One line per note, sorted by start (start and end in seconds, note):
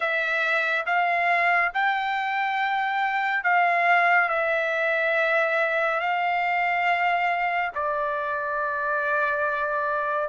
0.00 0.85 E5
0.86 1.71 F5
1.73 3.43 G5
3.43 4.29 F5
4.29 6.00 E5
6.00 7.71 F5
7.74 10.28 D5